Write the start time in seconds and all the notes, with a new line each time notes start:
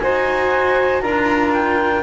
0.00 D#4 F#4 C5 G#5
1.01 D4 F4 A#4 A#5
1.53 G5